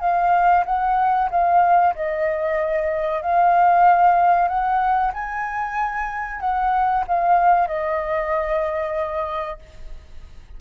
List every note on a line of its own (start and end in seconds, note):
0.00 0.64 F5
0.65 1.29 F#5
1.30 1.94 F5
1.95 3.22 D#5
3.22 4.48 F5
4.48 5.12 F#5
5.13 6.40 G#5
6.40 7.04 F#5
7.07 7.67 F5
7.67 9.59 D#5